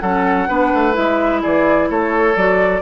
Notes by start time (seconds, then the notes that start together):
0.00 F#3 C#4 A4 F#5
0.48 B3 D4 B4
0.74 A3
0.93 G#3 E4 E5
1.41 E3 G#4 D5
1.90 A3 A4 C#5
2.36 F#3 F#4 D5